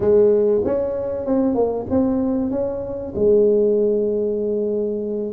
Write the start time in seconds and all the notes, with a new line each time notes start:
0.00 G#3
0.64 C#4
1.26 C4
1.54 A#3
1.90 C4
2.50 C#4
3.15 G#3